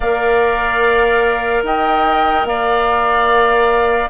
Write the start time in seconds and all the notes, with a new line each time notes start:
0.00 A#3 A#4 D5 F5
1.62 D#4 D#5 G5
2.44 A#3 D5 F5